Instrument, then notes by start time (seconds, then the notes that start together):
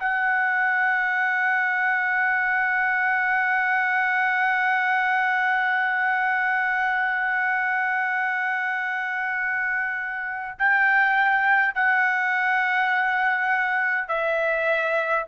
trumpet
0.00 F#5
10.59 G5
11.75 F#5
14.09 E5